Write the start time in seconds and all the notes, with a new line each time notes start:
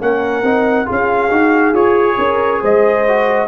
0.00 A#3 C#4 A#4 F#5
0.43 C4 D#4
0.86 C#4 F4 G#4
0.92 F5
1.30 D#4 F#4
1.73 F4 G#4 C#5
2.18 C#4 A#4
2.61 G#3 C5 D#5
3.07 F#4